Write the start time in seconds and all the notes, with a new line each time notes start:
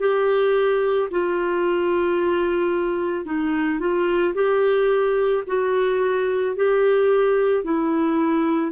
0.00 G4
1.11 F4
3.25 D#4
3.79 F4
4.34 G4
5.47 F#4
6.56 G4
7.64 E4